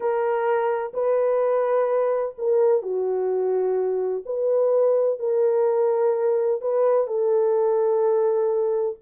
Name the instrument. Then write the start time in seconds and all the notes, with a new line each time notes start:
horn
0.00 A#4
0.93 B4
2.38 A#4
2.82 F#4
4.25 B4
5.19 A#4
6.61 B4
7.07 A4